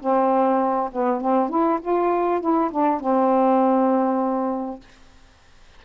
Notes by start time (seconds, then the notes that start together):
0.00 C4
0.92 B3
1.21 C4
1.49 E4
1.81 F4
2.41 E4
2.71 D4
3.00 C4